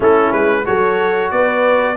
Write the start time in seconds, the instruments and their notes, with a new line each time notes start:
0.00 tuba A3, trombone C#4, horn E4, trumpet A4
0.32 tuba G#3, trumpet B4
0.64 tuba F#3, trombone F#4, horn A4, trumpet C#5
1.30 tuba B3, horn B4, trumpet D5